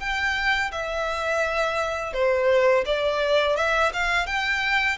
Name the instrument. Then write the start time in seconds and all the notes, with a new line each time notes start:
violin
0.00 G5
0.72 E5
2.14 C5
2.86 D5
3.57 E5
3.94 F5
4.27 G5